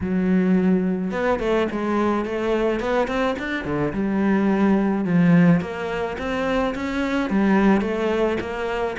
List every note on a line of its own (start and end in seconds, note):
0.01 1.11 F#3
1.11 1.39 B3
1.39 1.67 A3
1.71 2.25 G#3
2.25 2.80 A3
2.80 3.07 B3
3.07 3.35 C4
3.38 3.64 D4
3.64 3.92 D3
3.93 5.04 G3
5.04 5.60 F3
5.60 6.16 A#3
6.18 6.74 C4
6.74 7.29 C#4
7.29 7.81 G3
7.81 8.37 A3
8.40 8.96 A#3